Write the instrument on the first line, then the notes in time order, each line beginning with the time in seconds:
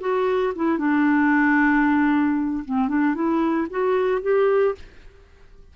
clarinet
0.00 F#4
0.55 E4
0.78 D4
2.65 C4
2.88 D4
3.14 E4
3.70 F#4
4.22 G4